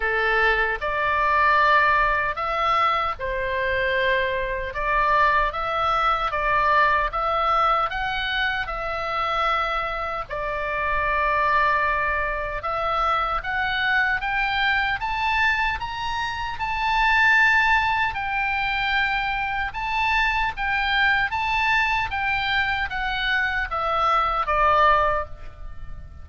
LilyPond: \new Staff \with { instrumentName = "oboe" } { \time 4/4 \tempo 4 = 76 a'4 d''2 e''4 | c''2 d''4 e''4 | d''4 e''4 fis''4 e''4~ | e''4 d''2. |
e''4 fis''4 g''4 a''4 | ais''4 a''2 g''4~ | g''4 a''4 g''4 a''4 | g''4 fis''4 e''4 d''4 | }